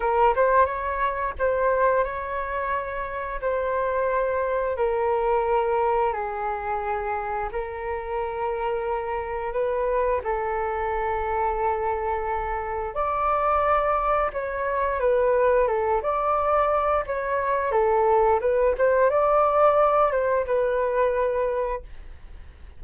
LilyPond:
\new Staff \with { instrumentName = "flute" } { \time 4/4 \tempo 4 = 88 ais'8 c''8 cis''4 c''4 cis''4~ | cis''4 c''2 ais'4~ | ais'4 gis'2 ais'4~ | ais'2 b'4 a'4~ |
a'2. d''4~ | d''4 cis''4 b'4 a'8 d''8~ | d''4 cis''4 a'4 b'8 c''8 | d''4. c''8 b'2 | }